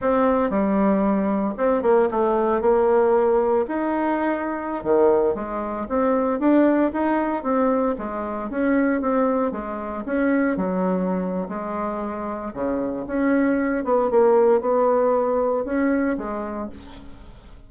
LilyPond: \new Staff \with { instrumentName = "bassoon" } { \time 4/4 \tempo 4 = 115 c'4 g2 c'8 ais8 | a4 ais2 dis'4~ | dis'4~ dis'16 dis4 gis4 c'8.~ | c'16 d'4 dis'4 c'4 gis8.~ |
gis16 cis'4 c'4 gis4 cis'8.~ | cis'16 fis4.~ fis16 gis2 | cis4 cis'4. b8 ais4 | b2 cis'4 gis4 | }